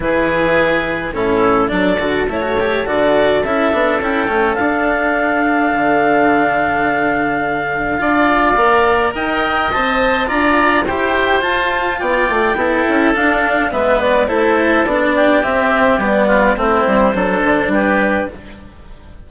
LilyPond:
<<
  \new Staff \with { instrumentName = "clarinet" } { \time 4/4 \tempo 4 = 105 b'2 a'4 d''4 | cis''4 d''4 e''4 g''4 | f''1~ | f''1 |
g''4 a''4 ais''4 g''4 | a''4 g''2 f''4 | e''8 d''8 c''4 d''4 e''4 | d''4 c''2 b'4 | }
  \new Staff \with { instrumentName = "oboe" } { \time 4/4 gis'2 e'4 a'4~ | a'1~ | a'1~ | a'2 d''2 |
dis''2 d''4 c''4~ | c''4 d''4 a'2 | b'4 a'4. g'4.~ | g'8 f'8 e'4 a'4 g'4 | }
  \new Staff \with { instrumentName = "cello" } { \time 4/4 e'2 cis'4 d'8 fis'8 | e'16 fis'16 g'8 fis'4 e'8 d'8 e'8 cis'8 | d'1~ | d'2 f'4 ais'4~ |
ais'4 c''4 f'4 g'4 | f'2 e'4 d'4 | b4 e'4 d'4 c'4 | b4 c'4 d'2 | }
  \new Staff \with { instrumentName = "bassoon" } { \time 4/4 e2 a,4 fis8 d8 | a4 d4 cis'8 b8 cis'8 a8 | d'2 d2~ | d2 d'4 ais4 |
dis'4 c'4 d'4 e'4 | f'4 b8 a8 b8 cis'8 d'4 | gis4 a4 b4 c'4 | g4 a8 g8 fis8 d8 g4 | }
>>